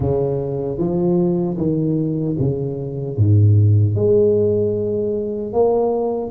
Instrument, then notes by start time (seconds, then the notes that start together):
tuba
0.00 C#3
0.78 F3
1.57 D#3
2.39 C#3
3.17 G#2
3.95 G#3
5.53 A#3